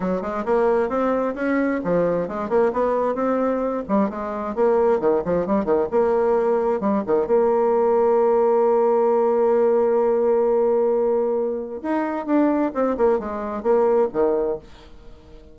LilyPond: \new Staff \with { instrumentName = "bassoon" } { \time 4/4 \tempo 4 = 132 fis8 gis8 ais4 c'4 cis'4 | f4 gis8 ais8 b4 c'4~ | c'8 g8 gis4 ais4 dis8 f8 | g8 dis8 ais2 g8 dis8 |
ais1~ | ais1~ | ais2 dis'4 d'4 | c'8 ais8 gis4 ais4 dis4 | }